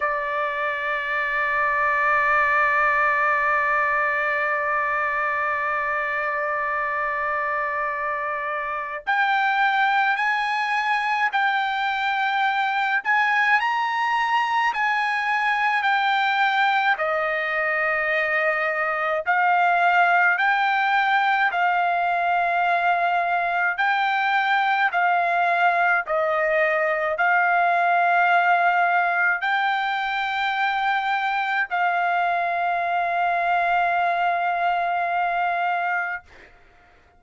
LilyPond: \new Staff \with { instrumentName = "trumpet" } { \time 4/4 \tempo 4 = 53 d''1~ | d''1 | g''4 gis''4 g''4. gis''8 | ais''4 gis''4 g''4 dis''4~ |
dis''4 f''4 g''4 f''4~ | f''4 g''4 f''4 dis''4 | f''2 g''2 | f''1 | }